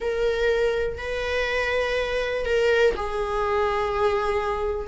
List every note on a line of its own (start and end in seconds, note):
0.00 0.98 A#4
0.98 2.45 B4
2.45 2.94 A#4
2.96 4.87 G#4